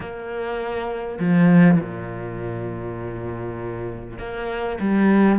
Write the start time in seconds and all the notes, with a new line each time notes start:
0.00 A#3
1.19 F3
1.80 A#2
4.18 A#3
4.80 G3